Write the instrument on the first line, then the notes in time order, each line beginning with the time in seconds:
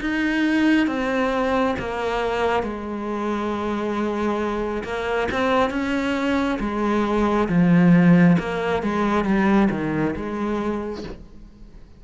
cello
0.00 D#4
0.87 C4
1.78 A#3
2.62 G#3
4.84 A#3
5.31 C4
5.70 C#4
6.59 G#3
7.48 F3
8.39 A#3
8.82 G#3
9.24 G3
9.70 D#3
10.15 G#3